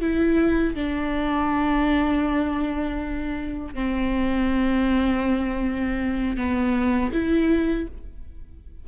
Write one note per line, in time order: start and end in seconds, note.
0.00 0.75 E4
0.75 3.74 D4
3.74 6.36 C4
6.36 7.11 B3
7.12 7.87 E4